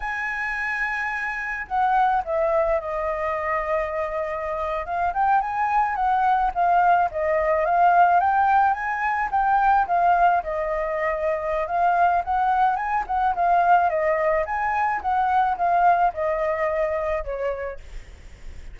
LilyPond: \new Staff \with { instrumentName = "flute" } { \time 4/4 \tempo 4 = 108 gis''2. fis''4 | e''4 dis''2.~ | dis''8. f''8 g''8 gis''4 fis''4 f''16~ | f''8. dis''4 f''4 g''4 gis''16~ |
gis''8. g''4 f''4 dis''4~ dis''16~ | dis''4 f''4 fis''4 gis''8 fis''8 | f''4 dis''4 gis''4 fis''4 | f''4 dis''2 cis''4 | }